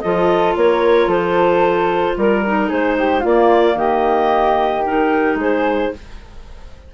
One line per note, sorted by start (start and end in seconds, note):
0.00 0.55 F3
0.00 2.45 F4
0.00 0.57 A4
0.00 0.54 D#5
0.55 1.07 A#3
0.55 1.08 A#4
0.55 1.10 C#5
1.07 2.14 F3
1.07 2.15 A4
1.07 2.17 C5
2.17 2.70 G3
2.17 2.71 A#4
2.17 2.69 A#4
2.45 3.22 D#4
2.69 3.23 G#3
2.69 2.96 G#4
2.69 3.24 C5
2.98 3.20 G4
3.20 4.82 A#3
3.20 3.75 A#3
3.20 3.73 F4
3.20 3.78 D5
3.75 5.35 D#3
3.75 5.38 G4
3.75 4.84 D#5
4.84 5.93 D#4
4.84 5.38 A#4
5.35 5.88 G#3
5.35 5.93 G#4
5.35 5.94 C5